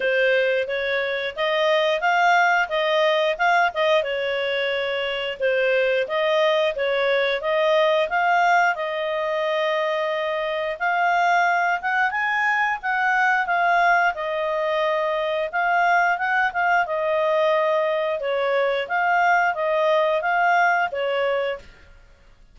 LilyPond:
\new Staff \with { instrumentName = "clarinet" } { \time 4/4 \tempo 4 = 89 c''4 cis''4 dis''4 f''4 | dis''4 f''8 dis''8 cis''2 | c''4 dis''4 cis''4 dis''4 | f''4 dis''2. |
f''4. fis''8 gis''4 fis''4 | f''4 dis''2 f''4 | fis''8 f''8 dis''2 cis''4 | f''4 dis''4 f''4 cis''4 | }